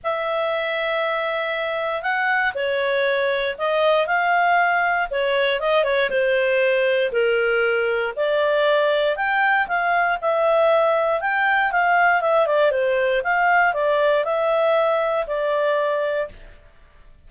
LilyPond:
\new Staff \with { instrumentName = "clarinet" } { \time 4/4 \tempo 4 = 118 e''1 | fis''4 cis''2 dis''4 | f''2 cis''4 dis''8 cis''8 | c''2 ais'2 |
d''2 g''4 f''4 | e''2 g''4 f''4 | e''8 d''8 c''4 f''4 d''4 | e''2 d''2 | }